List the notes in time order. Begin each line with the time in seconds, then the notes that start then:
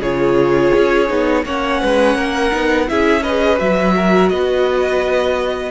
0.00 C#3 F4 G#4 C#5
0.76 C#4
1.08 B3 D#4
1.45 A#3 C#4 C#5 F#5
1.81 G#3 B4
2.15 A#3 A#4
2.51 B3 D#4
2.87 C#4 E4 G#4 E5
3.23 G#4 B4 D#5
3.58 F#3 F#4 E5
3.96 A#4
4.29 B3 B4 D#5